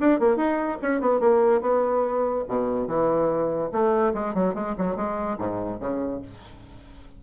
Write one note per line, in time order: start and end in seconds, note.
0.00 0.20 D4
0.20 0.37 A#3
0.37 0.78 D#4
0.82 1.01 C#4
1.01 1.20 B3
1.20 1.62 A#3
1.62 2.45 B3
2.48 2.88 B2
2.88 3.71 E3
3.72 4.14 A3
4.14 4.34 G#3
4.34 4.55 F#3
4.55 4.76 G#3
4.78 4.96 F#3
4.96 5.38 G#3
5.39 5.80 G#2
5.80 6.22 C#3